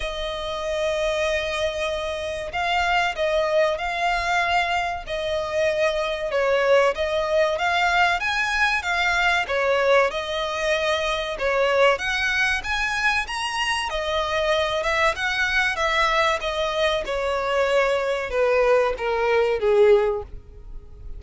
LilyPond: \new Staff \with { instrumentName = "violin" } { \time 4/4 \tempo 4 = 95 dis''1 | f''4 dis''4 f''2 | dis''2 cis''4 dis''4 | f''4 gis''4 f''4 cis''4 |
dis''2 cis''4 fis''4 | gis''4 ais''4 dis''4. e''8 | fis''4 e''4 dis''4 cis''4~ | cis''4 b'4 ais'4 gis'4 | }